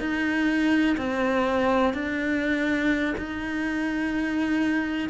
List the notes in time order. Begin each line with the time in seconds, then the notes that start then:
0.00 D#4
0.98 C4
1.94 D4
3.18 D#4